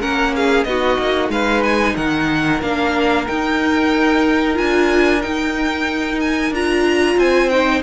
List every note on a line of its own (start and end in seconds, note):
0.00 0.65 A#3
0.00 0.66 C#4
0.00 0.33 A#4
0.00 0.35 F#5
0.36 0.68 G#4
0.36 0.64 F5
0.64 0.98 B3
0.64 2.62 D#4
0.64 1.33 F#4
0.64 1.29 D#5
0.99 1.29 A#3
1.29 1.95 G#3
1.29 1.95 B4
1.29 1.63 F5
1.63 1.96 G#5
1.95 2.62 D#3
1.95 7.17 A#4
1.95 2.62 F#5
2.62 3.28 A#3
2.62 3.28 D4
2.62 3.28 F5
3.28 4.54 D#4
3.28 4.60 D#4
3.28 4.58 G5
4.54 5.25 D4
4.54 5.20 F4
4.54 5.22 G#5
5.22 6.53 D#4
5.22 6.51 D#4
5.22 6.20 G5
6.21 6.54 G#5
6.51 7.17 D4
6.51 7.52 F4
6.51 7.20 A#5
7.18 7.83 C4
7.18 7.83 C5
7.18 7.50 G#5
7.50 7.83 D#4
7.50 7.82 G5